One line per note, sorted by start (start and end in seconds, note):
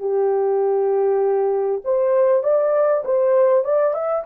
0.00 1.82 G4
1.85 2.44 C5
2.44 3.04 D5
3.05 3.65 C5
3.65 3.94 D5
3.94 4.25 E5